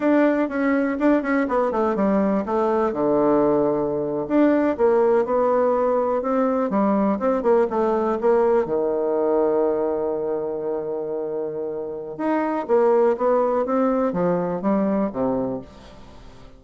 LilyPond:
\new Staff \with { instrumentName = "bassoon" } { \time 4/4 \tempo 4 = 123 d'4 cis'4 d'8 cis'8 b8 a8 | g4 a4 d2~ | d8. d'4 ais4 b4~ b16~ | b8. c'4 g4 c'8 ais8 a16~ |
a8. ais4 dis2~ dis16~ | dis1~ | dis4 dis'4 ais4 b4 | c'4 f4 g4 c4 | }